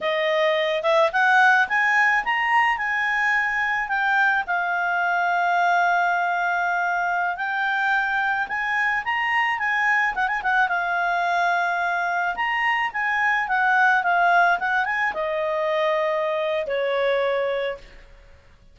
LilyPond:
\new Staff \with { instrumentName = "clarinet" } { \time 4/4 \tempo 4 = 108 dis''4. e''8 fis''4 gis''4 | ais''4 gis''2 g''4 | f''1~ | f''4~ f''16 g''2 gis''8.~ |
gis''16 ais''4 gis''4 fis''16 gis''16 fis''8 f''8.~ | f''2~ f''16 ais''4 gis''8.~ | gis''16 fis''4 f''4 fis''8 gis''8 dis''8.~ | dis''2 cis''2 | }